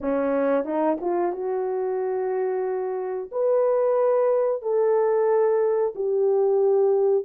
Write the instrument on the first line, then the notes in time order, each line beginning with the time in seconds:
horn
0.01 C#4
0.64 D#4
1.00 F4
1.32 F#4
3.31 B4
4.62 A4
5.95 G4